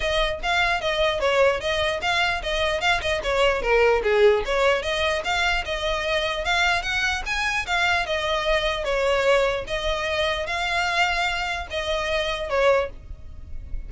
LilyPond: \new Staff \with { instrumentName = "violin" } { \time 4/4 \tempo 4 = 149 dis''4 f''4 dis''4 cis''4 | dis''4 f''4 dis''4 f''8 dis''8 | cis''4 ais'4 gis'4 cis''4 | dis''4 f''4 dis''2 |
f''4 fis''4 gis''4 f''4 | dis''2 cis''2 | dis''2 f''2~ | f''4 dis''2 cis''4 | }